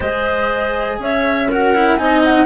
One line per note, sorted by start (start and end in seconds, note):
0.00 0.98 G#3
0.00 1.47 G#4
0.00 0.97 C5
0.00 0.99 D#5
0.98 1.97 C#4
0.98 1.48 C#5
0.98 1.51 E5
1.48 1.74 F#4
1.48 1.98 A#4
1.48 1.97 F#5
1.74 1.98 E4
1.97 2.46 C4
1.97 2.46 D#4
1.97 2.46 D#5
1.97 2.22 G#5
2.24 2.46 F#5